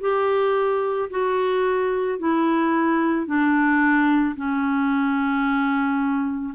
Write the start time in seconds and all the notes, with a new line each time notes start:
0.00 G4
1.10 F#4
2.18 E4
3.26 D4
4.36 C#4